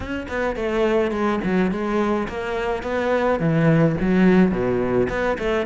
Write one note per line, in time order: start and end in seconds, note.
0.00 0.26 C#4
0.28 0.55 B3
0.55 1.11 A3
1.11 1.39 G#3
1.44 1.71 F#3
1.71 2.27 G#3
2.28 2.83 A#3
2.83 3.39 B3
3.39 3.96 E3
4.00 4.51 F#3
4.51 5.08 B2
5.09 5.37 B3
5.38 5.66 A3